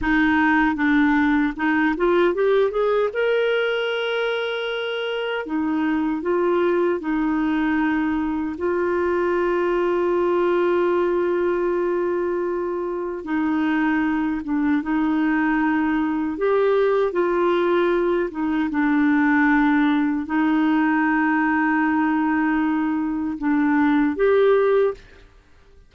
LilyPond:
\new Staff \with { instrumentName = "clarinet" } { \time 4/4 \tempo 4 = 77 dis'4 d'4 dis'8 f'8 g'8 gis'8 | ais'2. dis'4 | f'4 dis'2 f'4~ | f'1~ |
f'4 dis'4. d'8 dis'4~ | dis'4 g'4 f'4. dis'8 | d'2 dis'2~ | dis'2 d'4 g'4 | }